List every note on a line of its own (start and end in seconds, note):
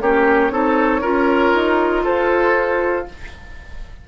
0.00 0.51 A#3
0.00 0.51 C#4
0.00 0.52 G4
0.00 2.03 C#5
0.51 1.01 C4
0.51 1.02 D#4
0.51 1.01 A4
1.01 1.53 C#4
1.01 3.05 F4
1.01 2.03 A#4
1.55 2.06 D#4
2.04 3.08 F4
2.04 3.06 A4
2.04 3.06 C5